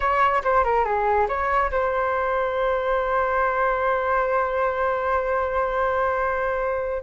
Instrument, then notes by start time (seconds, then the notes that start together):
flute
0.00 C#5
0.44 C5
0.63 A#4
0.84 G#4
1.28 C#5
1.71 C5